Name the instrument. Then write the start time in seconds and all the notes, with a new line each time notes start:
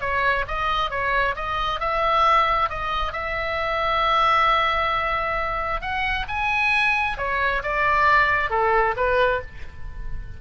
oboe
0.00 C#5
0.47 D#5
0.90 C#5
1.35 D#5
1.80 E5
2.69 D#5
3.12 E5
5.81 F#5
6.27 G#5
7.17 C#5
7.63 D5
8.50 A4
8.96 B4